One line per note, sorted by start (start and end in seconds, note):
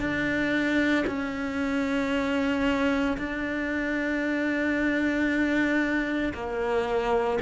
0.00 1.05 D4
1.07 3.18 C#4
3.18 6.33 D4
6.34 7.40 A#3